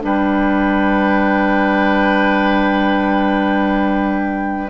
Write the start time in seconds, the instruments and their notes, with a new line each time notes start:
0.00 bassoon G3, clarinet D4, oboe B4, flute G5